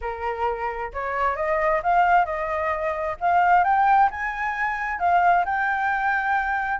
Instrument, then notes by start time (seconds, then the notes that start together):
flute
0.01 A#4
0.93 C#5
1.36 D#5
1.82 F5
2.25 D#5
3.20 F5
3.64 G5
4.10 G#5
4.99 F5
5.45 G5